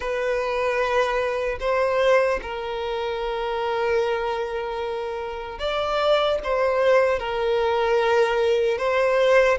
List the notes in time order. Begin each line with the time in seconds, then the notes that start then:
0.00 B4
1.60 C5
2.42 A#4
5.59 D5
6.43 C5
7.19 A#4
8.78 C5